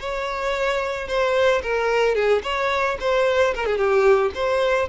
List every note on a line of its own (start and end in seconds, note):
0.00 1.08 C#5
1.08 1.62 C5
1.63 2.15 A#4
2.15 2.43 G#4
2.43 2.98 C#5
3.00 3.55 C5
3.55 3.66 A#4
3.66 3.78 G#4
3.78 4.32 G4
4.35 4.89 C5